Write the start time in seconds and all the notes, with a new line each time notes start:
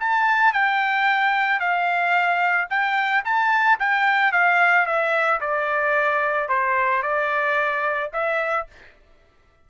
0.00 A5
0.53 G5
1.60 F5
2.70 G5
3.25 A5
3.80 G5
4.32 F5
4.86 E5
5.41 D5
6.49 C5
7.03 D5
8.13 E5